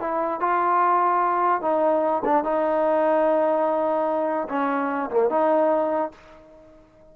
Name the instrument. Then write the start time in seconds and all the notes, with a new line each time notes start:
trombone
0.00 E4
0.40 F4
1.61 D#4
2.24 D4
2.44 D#4
4.49 C#4
5.10 A#3
5.30 D#4